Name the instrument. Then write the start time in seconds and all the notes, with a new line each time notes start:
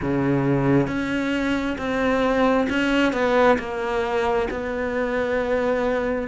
cello
0.01 C#3
0.87 C#4
1.77 C4
2.69 C#4
3.12 B3
3.58 A#3
4.50 B3